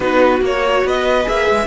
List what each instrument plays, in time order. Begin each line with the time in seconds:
0.00 cello B3, viola D#4 F#4, violin B4
0.41 cello A#3, viola F#4, violin C#5
0.83 cello B3, viola B4, violin D#5
1.23 cello A#3, viola G#4, violin E5
1.50 cello G#3